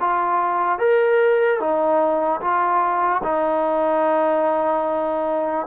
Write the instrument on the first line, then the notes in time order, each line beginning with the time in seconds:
trombone
0.00 F4
0.79 A#4
1.59 D#4
2.41 F4
3.23 D#4